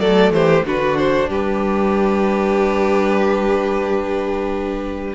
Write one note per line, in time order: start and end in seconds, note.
0.00 0.31 F#3
0.00 0.66 A3
0.00 0.33 A4
0.00 0.32 D5
0.31 0.63 E3
0.31 0.66 G4
0.31 0.65 C5
0.65 1.29 D3
0.65 5.15 D4
0.65 1.29 F#4
0.65 0.98 B4
0.98 1.30 C5
1.29 5.15 G3
1.29 5.15 G4
1.29 5.15 B4